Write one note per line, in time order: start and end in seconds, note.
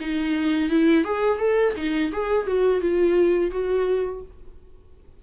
0.00 0.70 D#4
0.70 1.04 E4
1.04 1.38 G#4
1.38 1.74 A4
1.76 2.12 D#4
2.12 2.46 G#4
2.46 2.81 F#4
2.81 3.51 F4
3.51 4.22 F#4